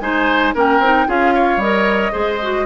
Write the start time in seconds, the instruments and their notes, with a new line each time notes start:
0.00 bassoon G#3, clarinet D#4, oboe C5, flute G#5
0.54 bassoon A#3, clarinet C#4, oboe A#4, flute G5
0.79 bassoon C4, clarinet D#4
1.07 bassoon C#4, clarinet F4, oboe G#4, flute F5
1.35 oboe C#5
1.57 bassoon G3, clarinet A#4, flute D#5
2.12 bassoon G#3, clarinet G#4, oboe C5
2.42 clarinet F#4